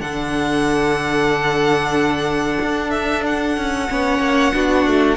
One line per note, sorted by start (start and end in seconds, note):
0.00 2.58 D3
0.00 3.87 D4
0.00 3.90 A4
0.00 2.90 F#5
2.61 3.57 D4
2.90 3.23 E5
3.26 5.17 F#5
3.57 3.90 C#4
3.89 4.19 B3
3.89 4.53 C#4
3.89 4.55 C#5
4.19 4.51 A#3
4.53 4.87 B3
4.53 5.17 D4
4.53 5.17 F#4
4.87 5.17 A3